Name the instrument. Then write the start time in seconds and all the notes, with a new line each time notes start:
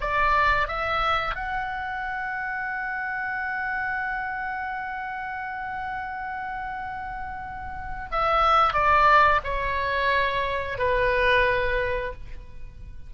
oboe
0.00 D5
0.67 E5
1.35 F#5
8.11 E5
8.73 D5
9.43 C#5
10.78 B4